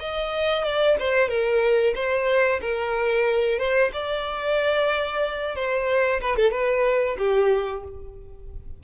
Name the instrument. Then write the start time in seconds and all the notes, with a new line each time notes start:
violin
0.00 D#5
0.64 D5
1.00 C5
1.29 A#4
1.95 C5
2.61 A#4
3.59 C5
3.93 D5
5.56 C5
6.21 B4
6.36 A4
6.52 B4
7.18 G4